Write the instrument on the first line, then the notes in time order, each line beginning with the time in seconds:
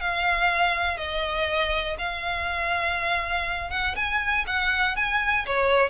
violin
0.00 F5
0.97 D#5
1.98 F5
3.71 F#5
3.95 G#5
4.47 F#5
4.96 G#5
5.46 C#5